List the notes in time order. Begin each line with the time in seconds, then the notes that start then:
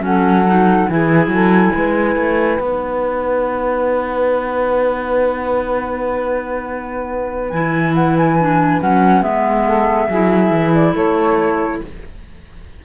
0.00 F#3 C#4 A4 F#5
0.46 D#4
0.89 E3 E4 G#4 G#5
1.27 F#3 A4
1.74 G#3 B4
2.16 A3
2.59 B3 D#4 F#5
7.50 E3 E4 G#5
7.94 F#5
8.16 G#5
8.40 D4
8.81 F#3 C#4 F#5
9.22 G#3 B3 E5
9.66 A4
10.07 F#3 G#4
10.13 E4
10.50 E3
10.74 D5
10.93 A3 A4 C#5